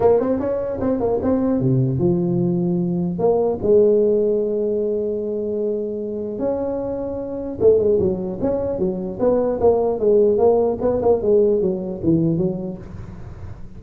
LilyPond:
\new Staff \with { instrumentName = "tuba" } { \time 4/4 \tempo 4 = 150 ais8 c'8 cis'4 c'8 ais8 c'4 | c4 f2. | ais4 gis2.~ | gis1 |
cis'2. a8 gis8 | fis4 cis'4 fis4 b4 | ais4 gis4 ais4 b8 ais8 | gis4 fis4 e4 fis4 | }